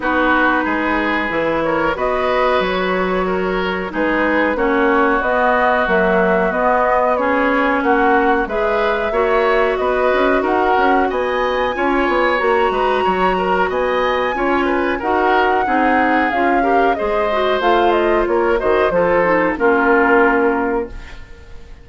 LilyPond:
<<
  \new Staff \with { instrumentName = "flute" } { \time 4/4 \tempo 4 = 92 b'2~ b'8 cis''8 dis''4 | cis''2 b'4 cis''4 | dis''4 e''4 dis''4 cis''4 | fis''4 e''2 dis''4 |
fis''4 gis''2 ais''4~ | ais''4 gis''2 fis''4~ | fis''4 f''4 dis''4 f''8 dis''8 | cis''8 dis''8 c''4 ais'2 | }
  \new Staff \with { instrumentName = "oboe" } { \time 4/4 fis'4 gis'4. ais'8 b'4~ | b'4 ais'4 gis'4 fis'4~ | fis'2. gis'4 | fis'4 b'4 cis''4 b'4 |
ais'4 dis''4 cis''4. b'8 | cis''8 ais'8 dis''4 cis''8 b'8 ais'4 | gis'4. ais'8 c''2 | ais'8 c''8 a'4 f'2 | }
  \new Staff \with { instrumentName = "clarinet" } { \time 4/4 dis'2 e'4 fis'4~ | fis'2 dis'4 cis'4 | b4 fis4 b4 cis'4~ | cis'4 gis'4 fis'2~ |
fis'2 f'4 fis'4~ | fis'2 f'4 fis'4 | dis'4 f'8 g'8 gis'8 fis'8 f'4~ | f'8 fis'8 f'8 dis'8 cis'2 | }
  \new Staff \with { instrumentName = "bassoon" } { \time 4/4 b4 gis4 e4 b4 | fis2 gis4 ais4 | b4 ais4 b2 | ais4 gis4 ais4 b8 cis'8 |
dis'8 cis'8 b4 cis'8 b8 ais8 gis8 | fis4 b4 cis'4 dis'4 | c'4 cis'4 gis4 a4 | ais8 dis8 f4 ais2 | }
>>